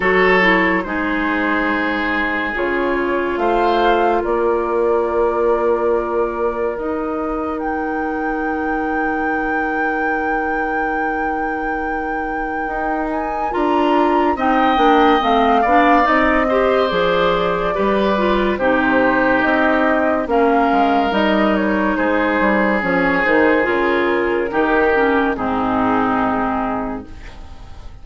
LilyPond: <<
  \new Staff \with { instrumentName = "flute" } { \time 4/4 \tempo 4 = 71 cis''4 c''2 cis''4 | f''4 d''2. | dis''4 g''2.~ | g''2.~ g''8 gis''8 |
ais''4 g''4 f''4 dis''4 | d''2 c''4 dis''4 | f''4 dis''8 cis''8 c''4 cis''8 c''8 | ais'2 gis'2 | }
  \new Staff \with { instrumentName = "oboe" } { \time 4/4 a'4 gis'2. | c''4 ais'2.~ | ais'1~ | ais'1~ |
ais'4 dis''4. d''4 c''8~ | c''4 b'4 g'2 | ais'2 gis'2~ | gis'4 g'4 dis'2 | }
  \new Staff \with { instrumentName = "clarinet" } { \time 4/4 fis'8 e'8 dis'2 f'4~ | f'1 | dis'1~ | dis'1 |
f'4 dis'8 d'8 c'8 d'8 dis'8 g'8 | gis'4 g'8 f'8 dis'2 | cis'4 dis'2 cis'8 dis'8 | f'4 dis'8 cis'8 c'2 | }
  \new Staff \with { instrumentName = "bassoon" } { \time 4/4 fis4 gis2 cis4 | a4 ais2. | dis1~ | dis2. dis'4 |
d'4 c'8 ais8 a8 b8 c'4 | f4 g4 c4 c'4 | ais8 gis8 g4 gis8 g8 f8 dis8 | cis4 dis4 gis,2 | }
>>